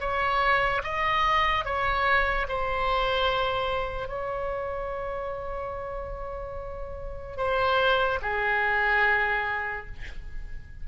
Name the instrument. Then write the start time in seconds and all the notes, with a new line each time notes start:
oboe
0.00 C#5
0.84 D#5
1.65 C#5
2.49 C5
4.08 C#5
7.37 C5
8.22 G#4